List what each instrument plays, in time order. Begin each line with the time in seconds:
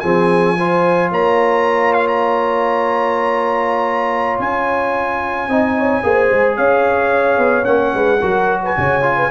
0.00 tuba F3, trombone C4, horn G#4, trumpet G#5
0.58 trombone F4, horn C5
1.11 tuba A#3, horn C#5, trumpet A#5
1.94 trumpet F5
2.08 trumpet A#5
4.39 tuba C#4, trumpet G#5
5.48 tuba C4, trombone D#4, horn D#5
5.77 horn C#5
6.03 tuba A#3, trombone G#4, horn C5
6.32 tuba G#3
6.57 tuba C#4, horn C#5, trumpet F5
7.38 tuba B3
7.64 tuba A#3, trombone C#4, trumpet F#5
7.94 tuba G#3, horn B4
8.21 tuba F#3, trombone F#4, horn A#4
8.64 horn B4, trumpet G#5
8.77 tuba C#3, horn C#5
9.02 trombone F4
9.17 horn B4